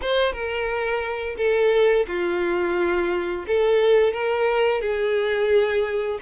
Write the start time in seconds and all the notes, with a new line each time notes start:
0.01 C5
0.32 A#4
1.37 A4
2.07 F4
3.47 A4
4.13 A#4
4.81 G#4